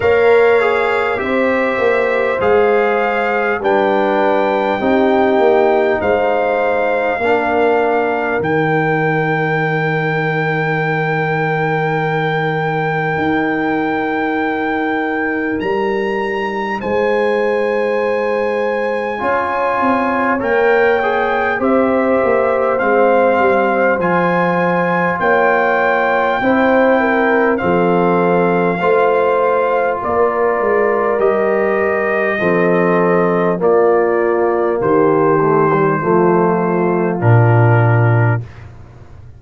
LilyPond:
<<
  \new Staff \with { instrumentName = "trumpet" } { \time 4/4 \tempo 4 = 50 f''4 e''4 f''4 g''4~ | g''4 f''2 g''4~ | g''1~ | g''4 ais''4 gis''2~ |
gis''4 g''4 e''4 f''4 | gis''4 g''2 f''4~ | f''4 d''4 dis''2 | d''4 c''2 ais'4 | }
  \new Staff \with { instrumentName = "horn" } { \time 4/4 cis''4 c''2 b'4 | g'4 c''4 ais'2~ | ais'1~ | ais'2 c''2 |
cis''2 c''2~ | c''4 cis''4 c''8 ais'8 a'4 | c''4 ais'2 a'4 | f'4 g'4 f'2 | }
  \new Staff \with { instrumentName = "trombone" } { \time 4/4 ais'8 gis'8 g'4 gis'4 d'4 | dis'2 d'4 dis'4~ | dis'1~ | dis'1 |
f'4 ais'8 gis'8 g'4 c'4 | f'2 e'4 c'4 | f'2 g'4 c'4 | ais4. a16 g16 a4 d'4 | }
  \new Staff \with { instrumentName = "tuba" } { \time 4/4 ais4 c'8 ais8 gis4 g4 | c'8 ais8 gis4 ais4 dis4~ | dis2. dis'4~ | dis'4 g4 gis2 |
cis'8 c'8 ais4 c'8 ais8 gis8 g8 | f4 ais4 c'4 f4 | a4 ais8 gis8 g4 f4 | ais4 dis4 f4 ais,4 | }
>>